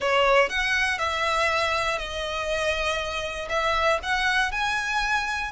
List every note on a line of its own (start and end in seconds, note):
0.00 0.49 C#5
0.49 0.98 F#5
0.98 1.98 E5
1.98 3.48 D#5
3.49 3.99 E5
4.02 4.51 F#5
4.51 5.51 G#5